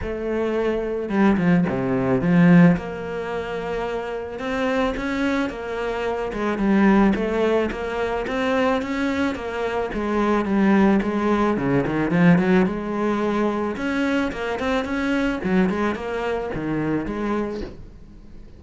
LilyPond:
\new Staff \with { instrumentName = "cello" } { \time 4/4 \tempo 4 = 109 a2 g8 f8 c4 | f4 ais2. | c'4 cis'4 ais4. gis8 | g4 a4 ais4 c'4 |
cis'4 ais4 gis4 g4 | gis4 cis8 dis8 f8 fis8 gis4~ | gis4 cis'4 ais8 c'8 cis'4 | fis8 gis8 ais4 dis4 gis4 | }